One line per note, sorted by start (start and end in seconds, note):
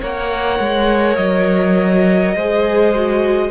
0.00 0.59 A#3
0.00 2.37 A#4
0.00 2.35 C#5
0.00 1.16 F#5
0.59 1.17 G#3
1.16 2.35 F#3
1.16 3.50 D#5
2.35 3.50 G#3
2.35 2.95 G#4
2.35 3.50 C5
2.95 3.50 F#4